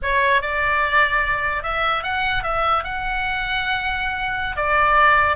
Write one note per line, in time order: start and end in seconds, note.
0.02 0.41 C#5
0.41 1.63 D5
1.63 2.03 E5
2.03 2.43 F#5
2.43 2.84 E5
2.84 4.56 F#5
4.56 5.36 D5